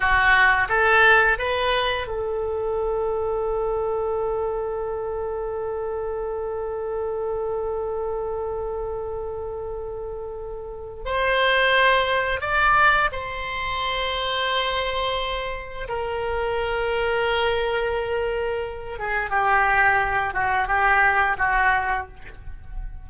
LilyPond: \new Staff \with { instrumentName = "oboe" } { \time 4/4 \tempo 4 = 87 fis'4 a'4 b'4 a'4~ | a'1~ | a'1~ | a'1 |
c''2 d''4 c''4~ | c''2. ais'4~ | ais'2.~ ais'8 gis'8 | g'4. fis'8 g'4 fis'4 | }